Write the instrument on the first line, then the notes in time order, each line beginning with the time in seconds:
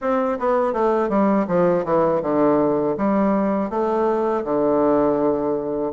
bassoon
0.01 C4
0.39 B3
0.73 A3
1.09 G3
1.47 F3
1.85 E3
2.22 D3
2.97 G3
3.70 A3
4.44 D3